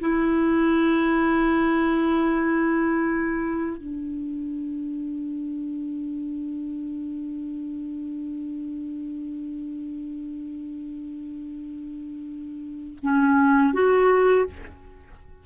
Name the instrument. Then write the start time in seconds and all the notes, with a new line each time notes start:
clarinet
0.00 E4
3.78 D4
13.03 C#4
13.74 F#4